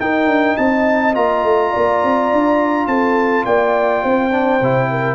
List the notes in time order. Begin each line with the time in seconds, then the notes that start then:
0.00 D#4 A#4 G5
0.27 D4
0.57 C4 D#5 A5
1.14 A#3 F4 A#5
1.44 A3
1.71 A#3 D5
2.04 C4
2.32 D4
2.87 C4 A4 A5
3.45 A#3 D5 G5
4.03 C4 C5
4.31 D4
4.61 C3 E4
4.90 A#4